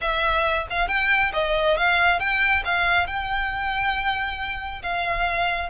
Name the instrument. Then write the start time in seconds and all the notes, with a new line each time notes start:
violin
0.01 E5
0.70 F5
0.88 G5
1.33 D#5
1.77 F5
2.19 G5
2.64 F5
3.07 G5
4.82 F5